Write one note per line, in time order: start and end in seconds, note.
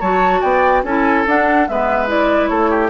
0.00 0.42 F#3
0.00 0.84 F#4
0.00 0.40 C#5
0.00 0.42 A5
0.40 0.83 B3
0.40 0.82 D5
0.40 0.83 G5
0.83 1.25 C#4
0.83 1.26 E4
0.83 1.68 A4
0.83 1.26 G#5
1.26 1.68 D4
1.26 1.68 F#5
1.68 2.50 G#3
1.68 2.07 B3
1.68 2.50 B4
1.68 2.09 E5
2.07 2.90 E4
2.07 2.47 D5
2.47 2.90 A3
2.47 2.70 A4
2.47 2.89 C#5
2.70 2.90 G4